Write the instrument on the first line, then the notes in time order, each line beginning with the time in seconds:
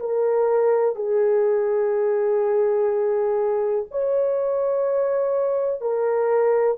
horn
0.00 A#4
0.95 G#4
3.91 C#5
5.82 A#4